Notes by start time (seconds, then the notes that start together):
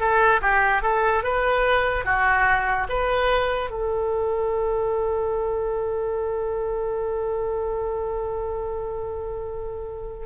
0.00 A4
0.41 G4
0.83 A4
1.24 B4
2.05 F#4
2.89 B4
3.71 A4